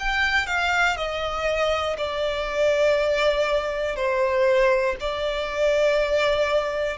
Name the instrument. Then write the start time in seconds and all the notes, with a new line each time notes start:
violin
0.00 G5
0.47 F5
0.97 D#5
1.98 D5
3.96 C5
5.00 D5